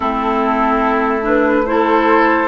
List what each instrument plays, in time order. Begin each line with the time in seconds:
0.00 bassoon A3, clarinet C4, oboe E4, flute A4
1.22 clarinet D4, flute B4
1.65 clarinet E4, oboe A4, flute C5